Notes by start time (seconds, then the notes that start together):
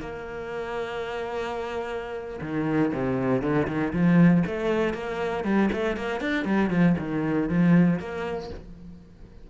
0.00 A#3
2.41 D#3
2.93 C3
3.41 D3
3.67 D#3
3.93 F3
4.46 A3
4.93 A#3
5.44 G3
5.72 A3
5.96 A#3
6.20 D4
6.45 G3
6.70 F3
6.99 D#3
7.49 F3
7.99 A#3